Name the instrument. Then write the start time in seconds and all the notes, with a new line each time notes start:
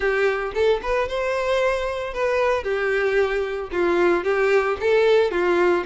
violin
0.00 G4
0.54 A4
0.82 B4
1.08 C5
2.13 B4
2.63 G4
3.71 F4
4.24 G4
4.80 A4
5.31 F4